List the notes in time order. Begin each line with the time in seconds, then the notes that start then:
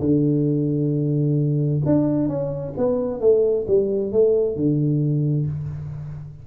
0.00 D3
1.86 D4
2.29 C#4
2.77 B3
3.21 A3
3.68 G3
4.12 A3
4.56 D3